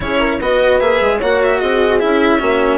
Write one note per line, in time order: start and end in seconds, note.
0.00 0.40 C#4
0.00 0.39 E4
0.00 0.19 G#4
0.00 0.40 C#5
0.19 0.39 A#4
0.40 0.80 B3
0.40 0.80 F#4
0.40 1.17 B4
0.40 0.80 D#5
0.80 1.00 A#3
0.80 1.20 G#4
0.80 1.20 E5
1.00 1.20 G#3
1.17 1.61 A#3
1.17 1.99 F#4
1.17 1.57 C#5
1.17 1.42 F#5
1.42 1.60 E5
1.59 2.01 C4
1.59 2.39 G#4
1.59 2.00 D#5
1.99 2.41 C#4
1.99 2.39 E4
1.99 2.78 E5
2.39 2.78 A#3
2.39 2.78 C#4
2.39 2.78 F#4